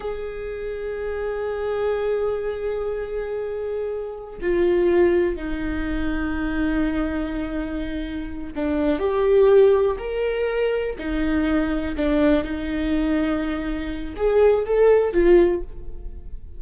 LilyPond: \new Staff \with { instrumentName = "viola" } { \time 4/4 \tempo 4 = 123 gis'1~ | gis'1~ | gis'4 f'2 dis'4~ | dis'1~ |
dis'4. d'4 g'4.~ | g'8 ais'2 dis'4.~ | dis'8 d'4 dis'2~ dis'8~ | dis'4 gis'4 a'4 f'4 | }